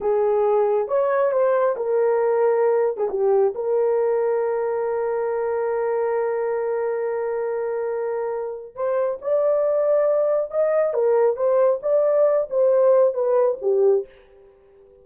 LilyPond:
\new Staff \with { instrumentName = "horn" } { \time 4/4 \tempo 4 = 137 gis'2 cis''4 c''4 | ais'2~ ais'8. gis'16 g'4 | ais'1~ | ais'1~ |
ais'1 | c''4 d''2. | dis''4 ais'4 c''4 d''4~ | d''8 c''4. b'4 g'4 | }